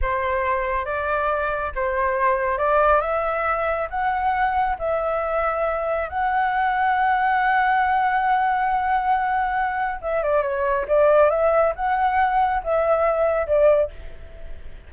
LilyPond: \new Staff \with { instrumentName = "flute" } { \time 4/4 \tempo 4 = 138 c''2 d''2 | c''2 d''4 e''4~ | e''4 fis''2 e''4~ | e''2 fis''2~ |
fis''1~ | fis''2. e''8 d''8 | cis''4 d''4 e''4 fis''4~ | fis''4 e''2 d''4 | }